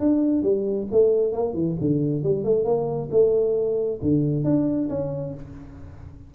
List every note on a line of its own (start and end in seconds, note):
0.00 0.43 D4
0.43 0.87 G3
0.92 1.33 A3
1.33 1.54 A#3
1.54 1.76 E3
1.81 2.23 D3
2.23 2.44 G3
2.44 2.65 A3
2.65 3.09 A#3
3.11 4.00 A3
4.02 4.44 D3
4.44 4.89 D4
4.90 5.34 C#4